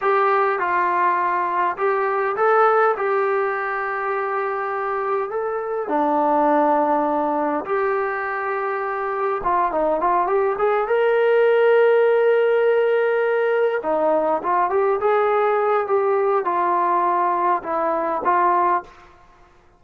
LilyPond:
\new Staff \with { instrumentName = "trombone" } { \time 4/4 \tempo 4 = 102 g'4 f'2 g'4 | a'4 g'2.~ | g'4 a'4 d'2~ | d'4 g'2. |
f'8 dis'8 f'8 g'8 gis'8 ais'4.~ | ais'2.~ ais'8 dis'8~ | dis'8 f'8 g'8 gis'4. g'4 | f'2 e'4 f'4 | }